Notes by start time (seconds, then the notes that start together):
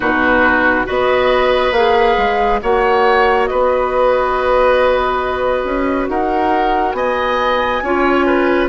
0.00 B2 D#4 F#4 B4
0.85 B3 F#4 B4 D#5
1.71 A#3 G#4 F5
2.17 G#3
2.61 A#3 F#4 C#5 F#5
3.46 B3 B4 D#5
5.64 C#4
6.08 D#4 A#4 F#5
6.92 B3 D#5 G#5
7.82 C#4 F4 C#5
8.26 B4